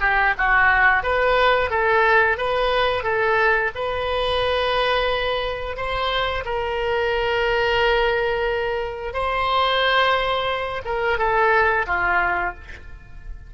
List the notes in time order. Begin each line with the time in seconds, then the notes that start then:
0.00 G4
0.38 F#4
1.03 B4
1.70 A4
2.37 B4
3.03 A4
3.75 B4
5.76 C5
6.45 A#4
9.13 C5
10.85 A#4
11.18 A4
11.87 F4